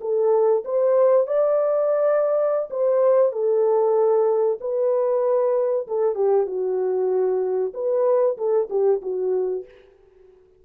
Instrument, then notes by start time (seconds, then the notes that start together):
horn
0.00 A4
0.64 C5
1.27 D5
2.70 C5
3.32 A4
4.60 B4
5.87 A4
6.15 G4
6.46 F#4
7.73 B4
8.37 A4
8.70 G4
9.01 F#4